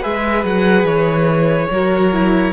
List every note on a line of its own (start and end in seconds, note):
0.00 0.44 G#3
0.00 1.68 G#4
0.00 1.67 B4
0.00 0.44 E5
0.44 0.83 F#3
0.44 0.86 F#5
0.83 1.66 E3
0.83 2.52 C#5
1.70 2.52 F#3
1.70 2.13 F#4
1.70 2.52 A#4
2.13 2.52 E4